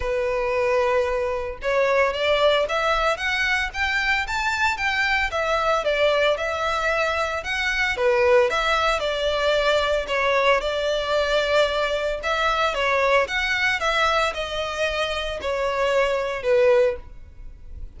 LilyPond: \new Staff \with { instrumentName = "violin" } { \time 4/4 \tempo 4 = 113 b'2. cis''4 | d''4 e''4 fis''4 g''4 | a''4 g''4 e''4 d''4 | e''2 fis''4 b'4 |
e''4 d''2 cis''4 | d''2. e''4 | cis''4 fis''4 e''4 dis''4~ | dis''4 cis''2 b'4 | }